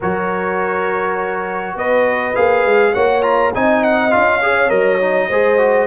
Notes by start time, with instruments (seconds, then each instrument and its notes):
0.00 tuba F#3, trombone F#4, horn A#4, trumpet C#5
1.74 tuba B3, horn B4, trumpet D#5
2.35 tuba A#3, trombone G#4, trumpet F5
2.65 tuba G#3
2.93 tuba A#3, trombone F#4, horn C#5, trumpet F#5
3.22 trombone F4, trumpet A#5
3.54 tuba C4, trombone D#4, horn D#5, trumpet G#5
3.83 trumpet F#5
4.10 tuba C#4, trombone F4, trumpet F5
4.42 trombone G#4, horn C#5
4.68 tuba F#3, trombone A#4, trumpet D#5
5.00 trombone D#4
5.28 tuba G#3, trombone G#4, horn C5
5.57 trombone F#4